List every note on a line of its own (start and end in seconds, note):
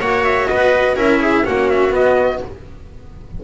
0.00 0.49 A#3
0.00 0.97 F#4
0.00 0.48 C#5
0.00 0.25 F#5
0.25 0.48 E5
0.48 0.96 B3
0.48 0.97 B4
0.48 0.96 D#5
0.96 1.44 C#4
0.96 1.45 E4
0.96 1.21 A#4
0.96 1.46 E5
1.21 1.45 G#4
1.45 1.94 A#3
1.45 1.90 C#4
1.45 2.44 F#4
1.45 1.70 F#5
1.70 1.94 E5
1.90 2.38 B3
1.90 2.42 B3
1.90 2.43 D#5